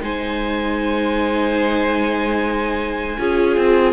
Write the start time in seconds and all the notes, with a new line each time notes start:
0.00 G#3 D#4 C5 G#5
3.18 C#4 F4 G#4
3.56 C4